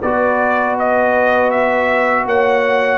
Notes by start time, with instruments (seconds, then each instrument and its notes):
0.00 tuba B3, trombone F#4, horn B4, trumpet D5
0.79 trumpet D#5
1.51 trumpet E5
2.26 tuba A#3, horn C#5, trumpet F#5